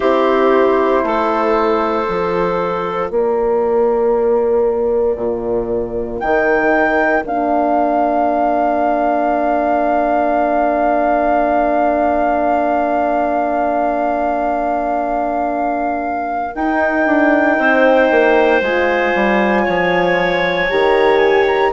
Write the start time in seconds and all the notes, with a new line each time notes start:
0.00 C4 E4 G4 C5
1.03 A3 A4
2.06 F3 F4
3.09 A#3 A#4 D5
5.16 A#2
6.19 D#3 D#4 G5
7.24 A#3 D4 F5
16.55 D#4 G5
17.06 D4
17.58 C4 C5
18.10 A#3
18.61 G#3 F4 G#5
19.14 G3
19.64 F3 C#5
20.69 D#3 G4 A#5
21.18 G#5
21.46 A#5